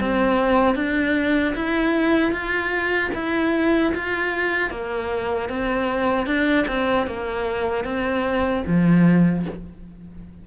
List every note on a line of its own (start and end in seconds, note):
0.00 0.75 C4
0.75 1.54 D4
1.55 2.32 E4
2.32 3.11 F4
3.15 3.94 E4
3.95 4.70 F4
4.70 5.49 A#3
5.49 6.27 C4
6.27 6.66 D4
6.68 7.07 C4
7.07 7.85 A#3
7.85 8.64 C4
8.67 9.46 F3